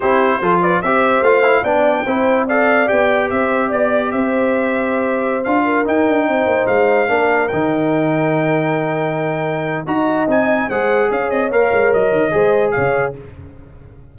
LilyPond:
<<
  \new Staff \with { instrumentName = "trumpet" } { \time 4/4 \tempo 4 = 146 c''4. d''8 e''4 f''4 | g''2 f''4 g''4 | e''4 d''4 e''2~ | e''4~ e''16 f''4 g''4.~ g''16~ |
g''16 f''2 g''4.~ g''16~ | g''1 | ais''4 gis''4 fis''4 f''8 dis''8 | f''4 dis''2 f''4 | }
  \new Staff \with { instrumentName = "horn" } { \time 4/4 g'4 a'8 b'8 c''2 | d''4 c''4 d''2 | c''4 d''4 c''2~ | c''4.~ c''16 ais'4. c''8.~ |
c''4~ c''16 ais'2~ ais'8.~ | ais'1 | dis''2 c''4 cis''4~ | cis''2 c''4 cis''4 | }
  \new Staff \with { instrumentName = "trombone" } { \time 4/4 e'4 f'4 g'4 f'8 e'8 | d'4 e'4 a'4 g'4~ | g'1~ | g'4~ g'16 f'4 dis'4.~ dis'16~ |
dis'4~ dis'16 d'4 dis'4.~ dis'16~ | dis'1 | fis'4 dis'4 gis'2 | ais'2 gis'2 | }
  \new Staff \with { instrumentName = "tuba" } { \time 4/4 c'4 f4 c'4 a4 | b4 c'2 b4 | c'4 b4 c'2~ | c'4~ c'16 d'4 dis'8 d'8 c'8 ais16~ |
ais16 gis4 ais4 dis4.~ dis16~ | dis1 | dis'4 c'4 gis4 cis'8 c'8 | ais8 gis8 fis8 dis8 gis4 cis4 | }
>>